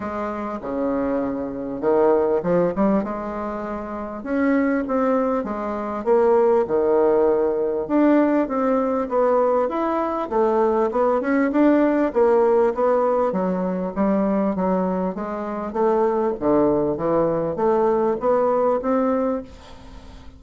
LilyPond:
\new Staff \with { instrumentName = "bassoon" } { \time 4/4 \tempo 4 = 99 gis4 cis2 dis4 | f8 g8 gis2 cis'4 | c'4 gis4 ais4 dis4~ | dis4 d'4 c'4 b4 |
e'4 a4 b8 cis'8 d'4 | ais4 b4 fis4 g4 | fis4 gis4 a4 d4 | e4 a4 b4 c'4 | }